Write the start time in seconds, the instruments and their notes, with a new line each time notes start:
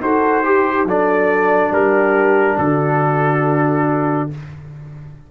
0.00 tuba D#4, trombone F#4, horn A4, trumpet C5
0.44 trombone G4, horn G4
0.84 tuba F#3, trombone D4, horn A4, trumpet D5
1.70 tuba G3, horn G4, trumpet A#4
2.58 tuba D3, horn F#4, trumpet A4